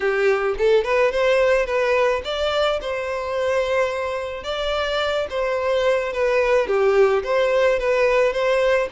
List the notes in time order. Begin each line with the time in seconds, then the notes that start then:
0.00 G4
0.57 A4
0.83 B4
1.11 C5
1.66 B4
2.24 D5
2.81 C5
4.43 D5
5.30 C5
6.12 B4
6.67 G4
7.23 C5
7.79 B4
8.33 C5